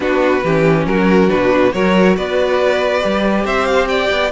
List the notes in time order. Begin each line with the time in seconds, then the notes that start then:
0.00 B3 D4 F#4 B4
0.43 E3 C#4 G4
0.86 F#3 F#4 A#4
1.28 B2 D4 B4
1.72 F#3 F#4 A#4 C#5
2.16 B3 B4 D5
3.00 G3 G4
3.44 C4 C5 E5
3.65 F5
3.88 D5 G5
4.10 B3